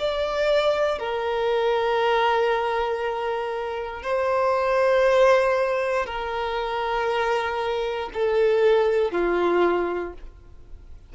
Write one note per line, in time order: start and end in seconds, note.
0.00 0.99 D5
0.99 4.04 A#4
4.04 6.06 C5
6.06 8.10 A#4
8.14 9.12 A4
9.12 10.14 F4